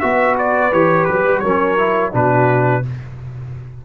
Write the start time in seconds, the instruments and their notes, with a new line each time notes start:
0.00 tuba B3, trombone F#4, horn B4, trumpet E5
0.39 trumpet D5
0.72 tuba E3, trombone G4, trumpet C#5
1.04 tuba F#3, trumpet B4
1.25 tuba G3
1.39 tuba F#3, trombone C#4, horn A#4, trumpet C#5
1.77 trombone E4
2.12 tuba B2, trombone D4, horn F#4, trumpet B4